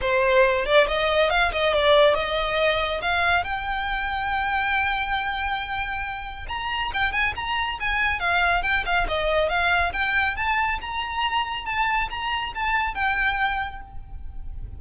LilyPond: \new Staff \with { instrumentName = "violin" } { \time 4/4 \tempo 4 = 139 c''4. d''8 dis''4 f''8 dis''8 | d''4 dis''2 f''4 | g''1~ | g''2. ais''4 |
g''8 gis''8 ais''4 gis''4 f''4 | g''8 f''8 dis''4 f''4 g''4 | a''4 ais''2 a''4 | ais''4 a''4 g''2 | }